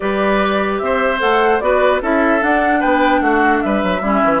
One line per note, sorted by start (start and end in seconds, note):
0.00 0.81 G3
0.00 1.18 G4
0.00 0.81 B4
0.00 0.78 D5
0.78 1.21 C4
0.78 1.18 E5
0.85 1.63 C5
1.18 1.60 A3
1.18 1.59 A4
1.18 1.60 F#5
1.60 2.01 B3
1.60 2.01 F#4
1.60 2.02 B4
1.60 2.00 D5
2.01 2.42 C#4
2.01 2.40 E4
2.01 2.80 A4
2.01 2.42 E5
2.40 4.01 D4
2.40 2.83 D4
2.40 2.81 F#5
2.80 3.20 B3
2.80 3.20 B4
2.80 3.21 G5
3.20 3.61 A3
3.20 3.63 F#4
3.20 3.62 F#5
3.62 3.83 G3
3.62 4.01 B4
3.62 4.40 E5
3.83 4.01 F#3
4.01 4.21 G3
4.01 4.40 C#4
4.01 4.40 E4
4.24 4.40 E3